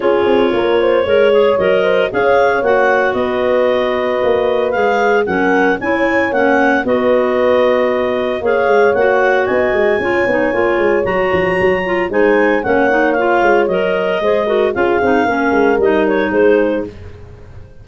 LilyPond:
<<
  \new Staff \with { instrumentName = "clarinet" } { \time 4/4 \tempo 4 = 114 cis''2. dis''4 | f''4 fis''4 dis''2~ | dis''4 f''4 fis''4 gis''4 | fis''4 dis''2. |
f''4 fis''4 gis''2~ | gis''4 ais''2 gis''4 | fis''4 f''4 dis''2 | f''2 dis''8 cis''8 c''4 | }
  \new Staff \with { instrumentName = "horn" } { \time 4/4 gis'4 ais'8 c''8 cis''4. c''8 | cis''2 b'2~ | b'2 ais'4 cis''4~ | cis''4 b'2. |
cis''2 dis''4 cis''4~ | cis''2. c''4 | cis''2. c''8 ais'8 | gis'4 ais'2 gis'4 | }
  \new Staff \with { instrumentName = "clarinet" } { \time 4/4 f'2 ais'8 gis'8 ais'4 | gis'4 fis'2.~ | fis'4 gis'4 cis'4 e'4 | cis'4 fis'2. |
gis'4 fis'2 f'8 dis'8 | f'4 fis'4. f'8 dis'4 | cis'8 dis'8 f'4 ais'4 gis'8 fis'8 | f'8 dis'8 cis'4 dis'2 | }
  \new Staff \with { instrumentName = "tuba" } { \time 4/4 cis'8 c'8 ais4 gis4 fis4 | cis'4 ais4 b2 | ais4 gis4 fis4 cis'4 | ais4 b2. |
ais8 gis8 ais4 b8 gis8 cis'8 b8 | ais8 gis8 fis8 f8 fis4 gis4 | ais4. gis8 fis4 gis4 | cis'8 c'8 ais8 gis8 g4 gis4 | }
>>